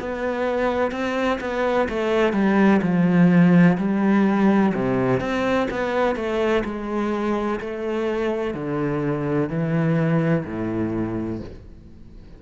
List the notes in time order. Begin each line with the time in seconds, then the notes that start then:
0.00 B3
0.91 C4
1.41 B3
1.89 A3
2.33 G3
2.82 F3
3.78 G3
4.74 C3
5.20 C4
5.71 B3
6.16 A3
6.65 G#3
7.60 A3
8.55 D3
9.49 E3
10.45 A2